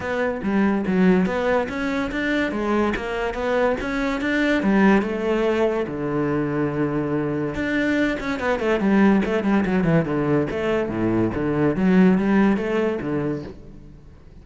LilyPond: \new Staff \with { instrumentName = "cello" } { \time 4/4 \tempo 4 = 143 b4 g4 fis4 b4 | cis'4 d'4 gis4 ais4 | b4 cis'4 d'4 g4 | a2 d2~ |
d2 d'4. cis'8 | b8 a8 g4 a8 g8 fis8 e8 | d4 a4 a,4 d4 | fis4 g4 a4 d4 | }